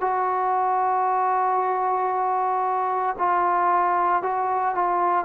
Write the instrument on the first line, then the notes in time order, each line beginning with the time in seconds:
trombone
0.00 F#4
3.18 F4
4.22 F#4
4.75 F4